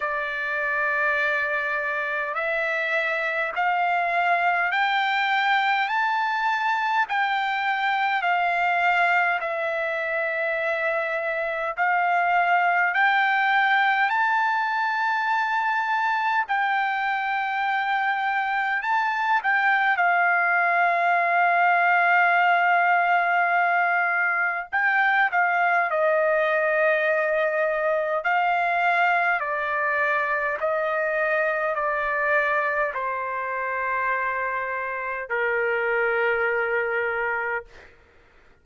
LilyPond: \new Staff \with { instrumentName = "trumpet" } { \time 4/4 \tempo 4 = 51 d''2 e''4 f''4 | g''4 a''4 g''4 f''4 | e''2 f''4 g''4 | a''2 g''2 |
a''8 g''8 f''2.~ | f''4 g''8 f''8 dis''2 | f''4 d''4 dis''4 d''4 | c''2 ais'2 | }